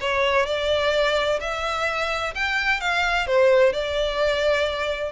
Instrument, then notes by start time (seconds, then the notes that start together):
violin
0.00 C#5
0.46 D5
1.40 E5
2.35 G5
2.80 F5
3.27 C5
3.73 D5